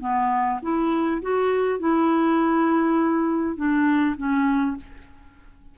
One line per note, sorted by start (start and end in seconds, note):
0.00 0.59 B3
0.62 1.21 E4
1.22 1.79 F#4
1.79 3.56 E4
3.56 4.15 D4
4.17 4.76 C#4